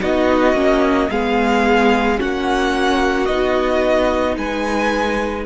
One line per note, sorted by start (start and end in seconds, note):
0.00 0.53 B3
0.00 0.54 D#4
0.00 1.10 F#4
0.00 1.10 D#5
0.53 1.07 A#3
0.53 1.09 C#4
1.10 2.19 G#3
1.10 2.17 B3
1.10 2.19 G#4
1.10 2.19 F5
2.17 3.28 A#3
2.17 3.27 C#4
2.17 4.37 F#4
2.17 3.25 F#5
3.25 4.37 B3
3.25 5.46 D#4
3.25 4.35 D#5
4.37 5.46 G#3
4.37 5.46 B4
4.37 5.46 G#5